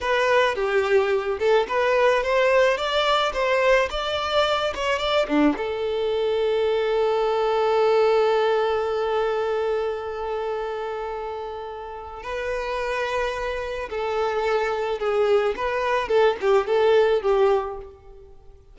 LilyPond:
\new Staff \with { instrumentName = "violin" } { \time 4/4 \tempo 4 = 108 b'4 g'4. a'8 b'4 | c''4 d''4 c''4 d''4~ | d''8 cis''8 d''8 d'8 a'2~ | a'1~ |
a'1~ | a'2 b'2~ | b'4 a'2 gis'4 | b'4 a'8 g'8 a'4 g'4 | }